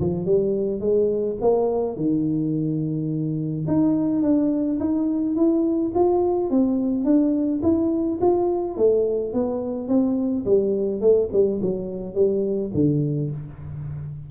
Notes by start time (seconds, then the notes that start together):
0.00 F3
0.25 G3
0.80 G#3
1.41 A#3
1.96 D#3
3.67 D#4
4.22 D4
4.80 D#4
5.36 E4
5.94 F4
6.50 C4
7.04 D4
7.62 E4
8.21 F4
8.77 A3
9.33 B3
9.88 C4
10.46 G3
11.01 A3
11.32 G3
11.62 F#3
12.14 G3
12.74 D3